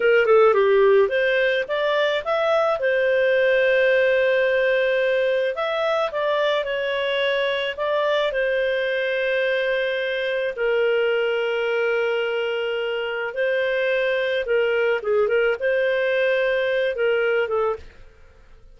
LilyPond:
\new Staff \with { instrumentName = "clarinet" } { \time 4/4 \tempo 4 = 108 ais'8 a'8 g'4 c''4 d''4 | e''4 c''2.~ | c''2 e''4 d''4 | cis''2 d''4 c''4~ |
c''2. ais'4~ | ais'1 | c''2 ais'4 gis'8 ais'8 | c''2~ c''8 ais'4 a'8 | }